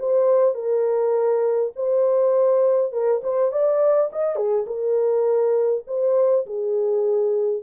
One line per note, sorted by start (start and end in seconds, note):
0.00 0.55 C5
0.55 1.73 A#4
1.76 2.93 C5
2.93 3.22 A#4
3.24 3.52 C5
3.52 4.11 D5
4.13 4.36 D#5
4.36 4.66 G#4
4.67 5.85 A#4
5.87 6.46 C5
6.47 7.63 G#4